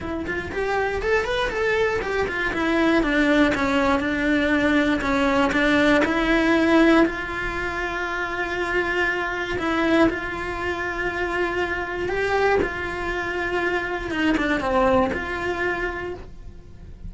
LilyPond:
\new Staff \with { instrumentName = "cello" } { \time 4/4 \tempo 4 = 119 e'8 f'8 g'4 a'8 b'8 a'4 | g'8 f'8 e'4 d'4 cis'4 | d'2 cis'4 d'4 | e'2 f'2~ |
f'2. e'4 | f'1 | g'4 f'2. | dis'8 d'8 c'4 f'2 | }